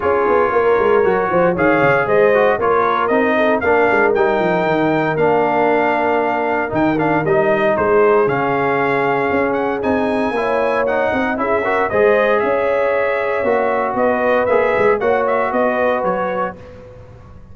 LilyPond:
<<
  \new Staff \with { instrumentName = "trumpet" } { \time 4/4 \tempo 4 = 116 cis''2. f''4 | dis''4 cis''4 dis''4 f''4 | g''2 f''2~ | f''4 g''8 f''8 dis''4 c''4 |
f''2~ f''8 fis''8 gis''4~ | gis''4 fis''4 e''4 dis''4 | e''2. dis''4 | e''4 fis''8 e''8 dis''4 cis''4 | }
  \new Staff \with { instrumentName = "horn" } { \time 4/4 gis'4 ais'4. c''8 cis''4 | c''4 ais'4. a'8 ais'4~ | ais'1~ | ais'2. gis'4~ |
gis'1 | cis''4. dis''8 gis'8 ais'8 c''4 | cis''2. b'4~ | b'4 cis''4 b'2 | }
  \new Staff \with { instrumentName = "trombone" } { \time 4/4 f'2 fis'4 gis'4~ | gis'8 fis'8 f'4 dis'4 d'4 | dis'2 d'2~ | d'4 dis'8 d'8 dis'2 |
cis'2. dis'4 | e'4 dis'4 e'8 fis'8 gis'4~ | gis'2 fis'2 | gis'4 fis'2. | }
  \new Staff \with { instrumentName = "tuba" } { \time 4/4 cis'8 b8 ais8 gis8 fis8 f8 dis8 cis8 | gis4 ais4 c'4 ais8 gis8 | g8 f8 dis4 ais2~ | ais4 dis4 g4 gis4 |
cis2 cis'4 c'4 | ais4. c'8 cis'4 gis4 | cis'2 ais4 b4 | ais8 gis8 ais4 b4 fis4 | }
>>